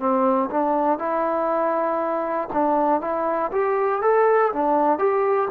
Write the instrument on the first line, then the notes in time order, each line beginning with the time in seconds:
trombone
0.00 C4
0.51 D4
0.99 E4
2.54 D4
3.01 E4
3.52 G4
4.02 A4
4.53 D4
4.99 G4